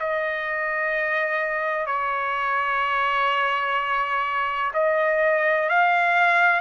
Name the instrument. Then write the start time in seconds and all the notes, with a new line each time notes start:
trumpet
0.00 D#5
1.87 C#5
4.74 D#5
5.69 F5